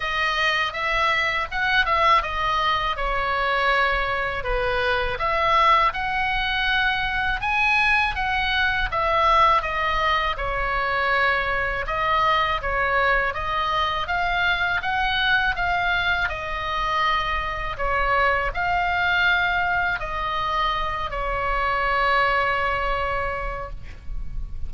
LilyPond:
\new Staff \with { instrumentName = "oboe" } { \time 4/4 \tempo 4 = 81 dis''4 e''4 fis''8 e''8 dis''4 | cis''2 b'4 e''4 | fis''2 gis''4 fis''4 | e''4 dis''4 cis''2 |
dis''4 cis''4 dis''4 f''4 | fis''4 f''4 dis''2 | cis''4 f''2 dis''4~ | dis''8 cis''2.~ cis''8 | }